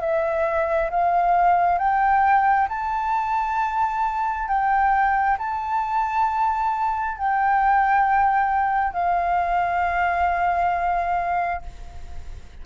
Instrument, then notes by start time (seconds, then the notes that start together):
flute
0.00 E5
0.90 F5
1.78 G5
2.69 A5
4.48 G5
5.38 A5
7.17 G5
8.93 F5